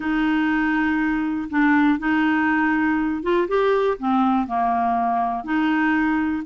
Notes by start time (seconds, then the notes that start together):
0.00 D#4
1.50 D4
1.98 D#4
3.22 F4
3.48 G4
3.98 C4
4.47 A#3
5.43 D#4